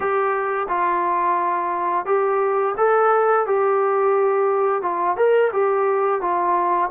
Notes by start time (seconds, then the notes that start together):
0.00 G4
0.68 F4
2.05 G4
2.77 A4
3.46 G4
4.82 F4
5.16 A#4
5.52 G4
6.21 F4